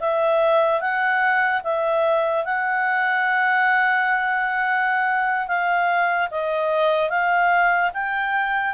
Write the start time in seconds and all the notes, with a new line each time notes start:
0.00 E5
0.80 F#5
1.64 E5
2.44 F#5
5.47 F5
6.31 D#5
7.09 F5
7.93 G5